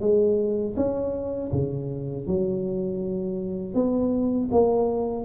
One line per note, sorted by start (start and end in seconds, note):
0.00 0.75 G#3
0.76 1.51 C#4
1.52 2.27 C#3
2.27 3.74 F#3
3.74 4.49 B3
4.51 5.25 A#3